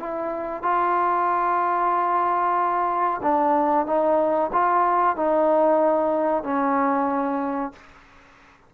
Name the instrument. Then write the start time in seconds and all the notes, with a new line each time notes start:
trombone
0.00 E4
0.63 F4
3.23 D4
3.87 D#4
4.53 F4
5.17 D#4
6.44 C#4